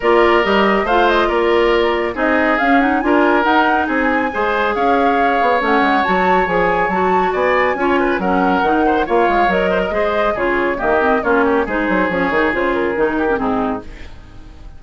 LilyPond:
<<
  \new Staff \with { instrumentName = "flute" } { \time 4/4 \tempo 4 = 139 d''4 dis''4 f''8 dis''8 d''4~ | d''4 dis''4 f''8 fis''8 gis''4 | fis''4 gis''2 f''4~ | f''4 fis''4 a''4 gis''4 |
a''4 gis''2 fis''4~ | fis''4 f''4 dis''2 | cis''4 dis''4 cis''4 c''4 | cis''4 c''8 ais'4. gis'4 | }
  \new Staff \with { instrumentName = "oboe" } { \time 4/4 ais'2 c''4 ais'4~ | ais'4 gis'2 ais'4~ | ais'4 gis'4 c''4 cis''4~ | cis''1~ |
cis''4 d''4 cis''8 b'8 ais'4~ | ais'8 c''8 cis''4. c''16 ais'16 c''4 | gis'4 g'4 f'8 g'8 gis'4~ | gis'2~ gis'8 g'8 dis'4 | }
  \new Staff \with { instrumentName = "clarinet" } { \time 4/4 f'4 g'4 f'2~ | f'4 dis'4 cis'8 dis'8 f'4 | dis'2 gis'2~ | gis'4 cis'4 fis'4 gis'4 |
fis'2 f'4 cis'4 | dis'4 f'4 ais'4 gis'4 | f'4 ais8 c'8 cis'4 dis'4 | cis'8 dis'8 f'4 dis'8. cis'16 c'4 | }
  \new Staff \with { instrumentName = "bassoon" } { \time 4/4 ais4 g4 a4 ais4~ | ais4 c'4 cis'4 d'4 | dis'4 c'4 gis4 cis'4~ | cis'8 b8 a8 gis8 fis4 f4 |
fis4 b4 cis'4 fis4 | dis4 ais8 gis8 fis4 gis4 | cis4 dis4 ais4 gis8 fis8 | f8 dis8 cis4 dis4 gis,4 | }
>>